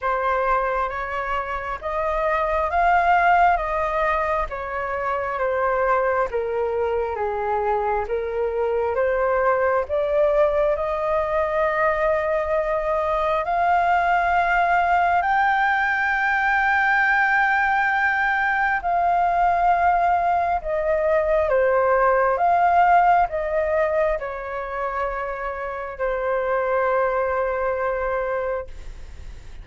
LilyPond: \new Staff \with { instrumentName = "flute" } { \time 4/4 \tempo 4 = 67 c''4 cis''4 dis''4 f''4 | dis''4 cis''4 c''4 ais'4 | gis'4 ais'4 c''4 d''4 | dis''2. f''4~ |
f''4 g''2.~ | g''4 f''2 dis''4 | c''4 f''4 dis''4 cis''4~ | cis''4 c''2. | }